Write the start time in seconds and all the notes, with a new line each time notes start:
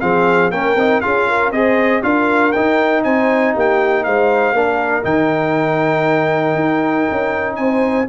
0.00 F3 C4 G#4 F5
0.51 A#3 C#4 A#4 G5
0.75 C4 D#4
1.00 C#4 F4 G#4 F5
1.28 A#4
1.51 C4 G#4 C5 D#5
2.02 D4 F4 A#4 F5
2.52 D#4 G5
3.03 C4 C5 G#5
3.53 A#3 G4 G5
4.03 G#3 C5 F5
4.52 A#3 D4 A#4
5.03 D#3 D#4 G5
6.55 D#4
7.11 C#4
7.55 C4 C5 G#5